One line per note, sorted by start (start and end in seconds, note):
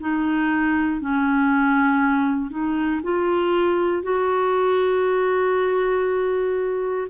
0.00 1.01 D#4
1.01 2.51 C#4
2.51 3.01 D#4
3.03 4.03 F4
4.03 7.08 F#4